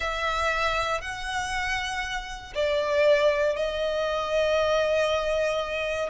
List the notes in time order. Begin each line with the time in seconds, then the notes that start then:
0.00 E5
1.01 F#5
2.54 D5
3.56 D#5